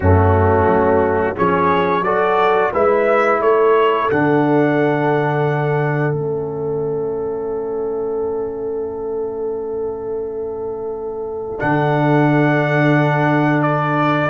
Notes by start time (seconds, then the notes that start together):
0.00 F#2 A3 C#4 F#4
0.66 F#3
1.35 F3 C#4 G#4 C#5
2.01 F#3 F#4 A4 D5
2.71 G#3 E4 B4 E5
3.40 A3 A4 C#5
4.10 D3 D4 F#5
6.13 A3 C#4 E5
11.58 D3 D4 F#5
13.62 D5